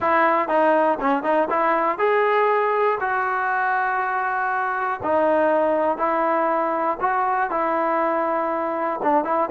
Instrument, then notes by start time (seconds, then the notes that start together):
trombone
0.00 E4
0.48 D#4
1.00 C#4
1.23 D#4
1.50 E4
1.98 G#4
3.00 F#4
5.03 D#4
5.97 E4
7.00 F#4
7.50 E4
9.03 D4
9.24 E4